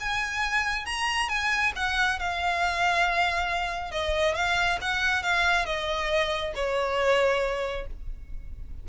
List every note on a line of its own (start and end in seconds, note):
0.00 0.86 G#5
0.86 1.29 A#5
1.29 1.73 G#5
1.76 2.19 F#5
2.19 3.91 F5
3.91 4.35 D#5
4.35 4.79 F5
4.81 5.23 F#5
5.23 5.66 F5
5.66 6.53 D#5
6.56 7.87 C#5